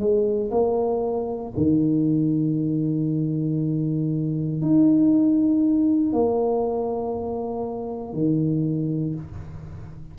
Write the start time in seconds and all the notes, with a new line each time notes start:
0.00 G#3
0.51 A#3
1.57 D#3
4.62 D#4
6.13 A#3
8.14 D#3